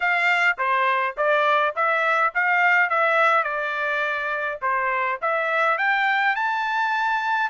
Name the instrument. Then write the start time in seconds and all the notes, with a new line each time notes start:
trumpet
0.00 F5
0.58 C5
1.17 D5
1.75 E5
2.34 F5
2.89 E5
3.43 D5
4.61 C5
5.21 E5
5.78 G5
6.35 A5